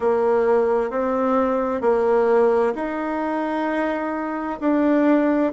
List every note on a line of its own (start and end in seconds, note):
0.00 0.90 A#3
0.90 1.81 C4
1.81 2.73 A#3
2.74 4.59 D#4
4.60 5.53 D4